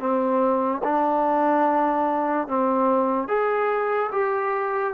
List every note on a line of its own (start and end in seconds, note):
0.00 0.82 C4
0.84 2.48 D4
2.48 3.28 C4
3.28 4.11 G#4
4.12 4.94 G4